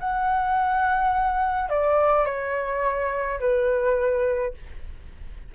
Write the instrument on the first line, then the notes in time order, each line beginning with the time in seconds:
flute
0.00 F#5
1.70 D5
2.26 C#5
3.40 B4